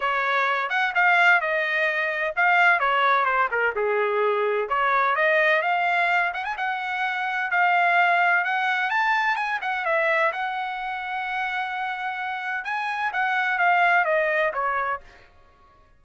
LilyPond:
\new Staff \with { instrumentName = "trumpet" } { \time 4/4 \tempo 4 = 128 cis''4. fis''8 f''4 dis''4~ | dis''4 f''4 cis''4 c''8 ais'8 | gis'2 cis''4 dis''4 | f''4. fis''16 gis''16 fis''2 |
f''2 fis''4 a''4 | gis''8 fis''8 e''4 fis''2~ | fis''2. gis''4 | fis''4 f''4 dis''4 cis''4 | }